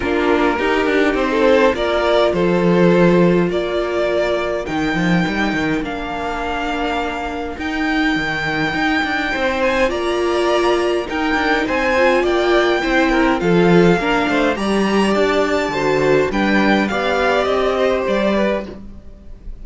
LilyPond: <<
  \new Staff \with { instrumentName = "violin" } { \time 4/4 \tempo 4 = 103 ais'2 c''4 d''4 | c''2 d''2 | g''2 f''2~ | f''4 g''2.~ |
g''8 gis''8 ais''2 g''4 | gis''4 g''2 f''4~ | f''4 ais''4 a''2 | g''4 f''4 dis''4 d''4 | }
  \new Staff \with { instrumentName = "violin" } { \time 4/4 f'4 g'4~ g'16 a'8. ais'4 | a'2 ais'2~ | ais'1~ | ais'1 |
c''4 d''2 ais'4 | c''4 d''4 c''8 ais'8 a'4 | ais'8 c''8 d''2 c''4 | b'4 d''4. c''4 b'8 | }
  \new Staff \with { instrumentName = "viola" } { \time 4/4 d'4 dis'2 f'4~ | f'1 | dis'2 d'2~ | d'4 dis'2.~ |
dis'4 f'2 dis'4~ | dis'8 f'4. e'4 f'4 | d'4 g'2 fis'4 | d'4 g'2. | }
  \new Staff \with { instrumentName = "cello" } { \time 4/4 ais4 dis'8 d'8 c'4 ais4 | f2 ais2 | dis8 f8 g8 dis8 ais2~ | ais4 dis'4 dis4 dis'8 d'8 |
c'4 ais2 dis'8 d'8 | c'4 ais4 c'4 f4 | ais8 a8 g4 d'4 d4 | g4 b4 c'4 g4 | }
>>